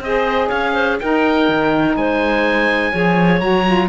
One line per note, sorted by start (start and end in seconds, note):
0.00 0.48 C4
0.00 1.01 G#4
0.00 0.47 C5
0.00 0.49 D#5
0.47 1.00 C#4
0.47 0.71 C#5
0.47 0.97 F5
0.73 0.97 C5
0.99 2.93 D#4
0.99 1.48 D#4
0.99 1.98 A#4
0.99 1.96 G5
1.48 1.96 D#3
1.96 2.92 G#3
1.96 2.92 C5
1.96 3.40 G#5
2.92 3.41 F3
2.92 3.40 G#4
2.92 3.89 C#5
3.40 3.89 F#3
3.40 3.64 F#4
3.40 3.88 A#5
3.65 3.89 F4